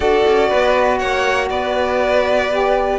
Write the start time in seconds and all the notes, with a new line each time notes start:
0.00 D4 F#4 A4 D5
0.26 C#4
0.48 B3 B4
0.98 A#3 C#5 F#5
1.49 B3 B4 D5
2.50 G4